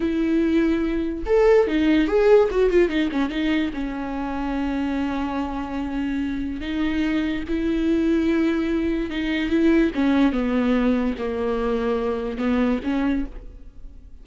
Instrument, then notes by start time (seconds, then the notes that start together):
viola
0.00 E4
1.26 A4
1.67 D#4
2.07 G#4
2.51 F#4
2.70 F4
2.88 D#4
3.11 C#4
3.29 D#4
3.73 C#4
6.60 D#4
7.48 E4
9.10 D#4
9.49 E4
9.94 C#4
10.32 B3
11.18 A#3
12.38 B3
12.83 C#4